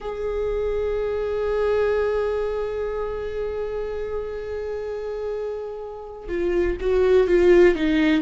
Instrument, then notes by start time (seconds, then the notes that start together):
viola
0.00 G#4
6.28 F4
6.80 F#4
7.27 F4
7.75 D#4